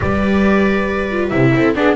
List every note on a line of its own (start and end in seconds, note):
0.00 1.31 G3
0.00 1.08 G4
0.00 1.53 B4
0.00 1.29 D5
1.11 1.31 F4
1.29 1.53 C3
1.29 1.75 E4
1.29 1.73 E5
1.54 1.74 C4
1.54 1.76 A4
1.74 1.96 B3
1.74 1.96 D4
1.74 1.96 G#4
1.74 1.96 D5